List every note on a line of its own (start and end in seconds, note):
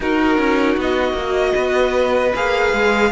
0.00 0.37 D#4
0.00 1.15 D#4
0.00 1.54 F#4
0.00 0.79 A#4
0.37 0.76 C#4
0.77 1.13 B3
0.77 2.35 D#5
1.13 1.52 A#3
1.13 2.32 F#4
1.54 2.33 B3
1.54 3.10 B4
2.35 2.72 A#3
2.35 3.11 G#4
2.35 3.11 F5
2.72 3.11 G#3